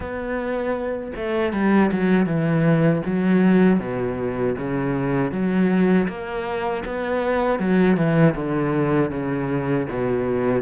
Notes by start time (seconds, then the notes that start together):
0.00 B3
1.16 A3
1.53 G3
1.91 F#3
2.26 E3
3.05 F#3
3.79 B2
4.57 C#3
5.31 F#3
6.08 A#3
6.85 B3
7.59 F#3
7.96 E3
8.35 D3
9.10 C#3
9.89 B2